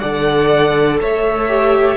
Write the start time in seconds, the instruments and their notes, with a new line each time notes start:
0.00 cello D3, viola A4, violin D5 F#5
1.01 cello A3, violin C#5 E5
1.48 viola G4